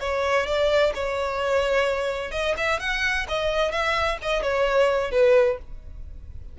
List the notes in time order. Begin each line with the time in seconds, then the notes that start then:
0.00 C#5
0.46 D5
0.94 C#5
2.31 D#5
2.57 E5
2.79 F#5
3.28 D#5
3.71 E5
4.22 D#5
4.42 C#5
5.11 B4